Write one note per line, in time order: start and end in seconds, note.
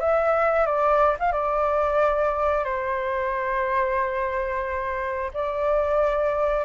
0.00 0.65 E5
0.65 1.15 D5
1.19 1.32 F5
1.32 2.64 D5
2.64 5.31 C5
5.33 6.65 D5